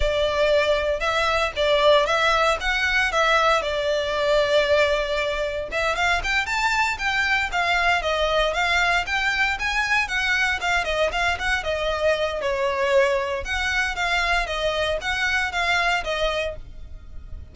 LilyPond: \new Staff \with { instrumentName = "violin" } { \time 4/4 \tempo 4 = 116 d''2 e''4 d''4 | e''4 fis''4 e''4 d''4~ | d''2. e''8 f''8 | g''8 a''4 g''4 f''4 dis''8~ |
dis''8 f''4 g''4 gis''4 fis''8~ | fis''8 f''8 dis''8 f''8 fis''8 dis''4. | cis''2 fis''4 f''4 | dis''4 fis''4 f''4 dis''4 | }